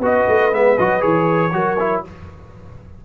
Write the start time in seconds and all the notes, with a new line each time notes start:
0.00 B3 F#4 B4 D#5
0.28 A3
0.52 G#3 B3 E5
0.78 F#3 F#4 D#5
1.00 E3 G#4 C#5
1.53 F#3 F#4 A#4
1.80 E4